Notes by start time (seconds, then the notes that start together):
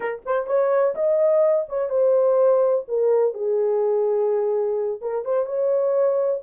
0.00 A#4
0.25 C5
0.47 C#5
0.94 D#5
1.68 C#5
1.89 C5
2.87 A#4
3.33 G#4
5.01 A#4
5.24 C5
5.46 C#5